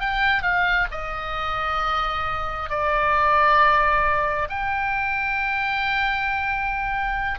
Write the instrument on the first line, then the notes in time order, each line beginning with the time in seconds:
oboe
0.00 G5
0.42 F5
0.91 D#5
2.69 D5
4.49 G5